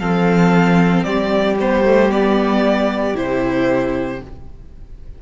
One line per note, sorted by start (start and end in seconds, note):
0.00 1.04 F3
0.00 1.58 C4
0.00 1.06 A4
0.00 1.04 F5
1.04 3.15 G3
1.04 4.22 G4
1.04 1.56 D5
1.60 1.85 B3
1.60 2.11 C5
1.85 2.11 A3
2.11 3.15 B3
2.11 3.17 D5
3.15 4.21 C3
3.15 4.20 E4
3.15 4.22 C5